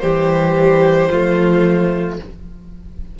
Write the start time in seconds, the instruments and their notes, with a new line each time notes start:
0.00 cello E3, viola G3, violin G4 C5
1.10 cello F3, viola A3, violin F4